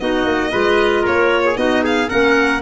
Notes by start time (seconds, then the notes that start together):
0.00 B3 D#4 F#4 D#5
0.26 A#3
0.52 G#3 F4 B4
1.03 A#3 A#4 C#5
1.46 G#4
1.56 B3 D#4 F#4 D#5
1.84 G#4 F5
2.09 A#3 C#4 A#4 F#5